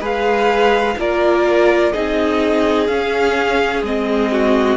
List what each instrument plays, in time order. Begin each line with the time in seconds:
0.00 cello G#3, viola G#4, violin B4 F5
0.98 cello A#3, viola F4, violin A#4 D5
1.92 cello C4, viola D#4, violin G#4 D#5
2.87 cello C#4, viola C#4, violin F5
3.82 cello G#3, viola C4, violin D#5
4.32 violin F#4